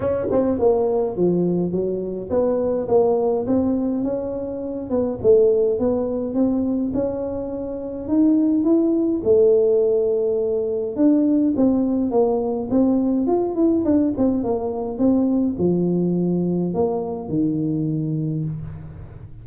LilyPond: \new Staff \with { instrumentName = "tuba" } { \time 4/4 \tempo 4 = 104 cis'8 c'8 ais4 f4 fis4 | b4 ais4 c'4 cis'4~ | cis'8 b8 a4 b4 c'4 | cis'2 dis'4 e'4 |
a2. d'4 | c'4 ais4 c'4 f'8 e'8 | d'8 c'8 ais4 c'4 f4~ | f4 ais4 dis2 | }